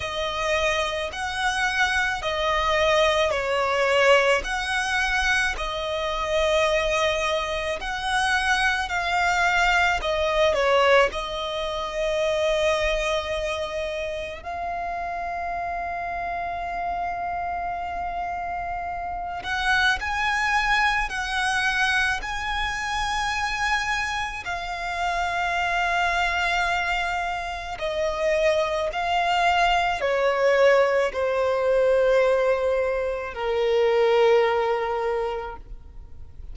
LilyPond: \new Staff \with { instrumentName = "violin" } { \time 4/4 \tempo 4 = 54 dis''4 fis''4 dis''4 cis''4 | fis''4 dis''2 fis''4 | f''4 dis''8 cis''8 dis''2~ | dis''4 f''2.~ |
f''4. fis''8 gis''4 fis''4 | gis''2 f''2~ | f''4 dis''4 f''4 cis''4 | c''2 ais'2 | }